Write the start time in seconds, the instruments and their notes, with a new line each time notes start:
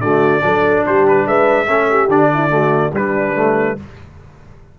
0.00 tuba D3, trombone A3, horn F#4, trumpet D5
0.41 tuba F#3, trombone D4, horn A4
0.86 tuba G3, horn G4, trumpet C5
1.07 trumpet B4
1.26 tuba G#3, horn B4, trumpet E5
1.67 tuba A3, trombone C#4, horn A4
1.90 horn G4
2.07 tuba D3, trombone D4, trumpet D5
2.34 horn E4
2.50 trombone A3, horn F#4
2.93 tuba G3, trombone G3, horn D4, trumpet B4
3.35 trombone A3